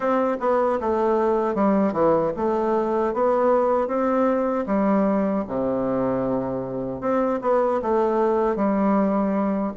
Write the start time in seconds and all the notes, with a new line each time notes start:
0.00 C4
0.40 B3
0.80 A3
1.54 G3
1.92 E3
2.36 A3
3.13 B3
3.87 C4
4.66 G3
5.47 C3
7.00 C4
7.41 B3
7.81 A3
8.56 G3